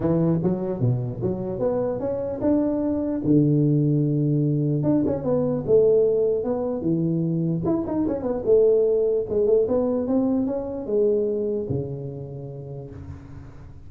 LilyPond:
\new Staff \with { instrumentName = "tuba" } { \time 4/4 \tempo 4 = 149 e4 fis4 b,4 fis4 | b4 cis'4 d'2 | d1 | d'8 cis'8 b4 a2 |
b4 e2 e'8 dis'8 | cis'8 b8 a2 gis8 a8 | b4 c'4 cis'4 gis4~ | gis4 cis2. | }